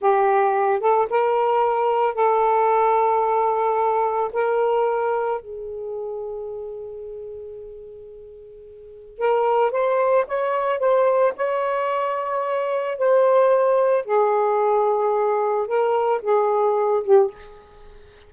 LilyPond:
\new Staff \with { instrumentName = "saxophone" } { \time 4/4 \tempo 4 = 111 g'4. a'8 ais'2 | a'1 | ais'2 gis'2~ | gis'1~ |
gis'4 ais'4 c''4 cis''4 | c''4 cis''2. | c''2 gis'2~ | gis'4 ais'4 gis'4. g'8 | }